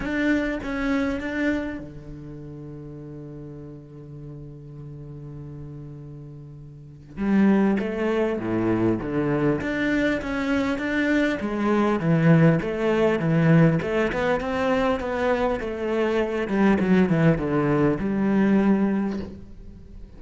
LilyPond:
\new Staff \with { instrumentName = "cello" } { \time 4/4 \tempo 4 = 100 d'4 cis'4 d'4 d4~ | d1~ | d1 | g4 a4 a,4 d4 |
d'4 cis'4 d'4 gis4 | e4 a4 e4 a8 b8 | c'4 b4 a4. g8 | fis8 e8 d4 g2 | }